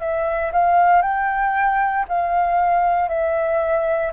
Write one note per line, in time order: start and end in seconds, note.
0.00 0.52 E5
0.53 1.02 F5
1.02 2.05 G5
2.08 3.08 F5
3.08 4.12 E5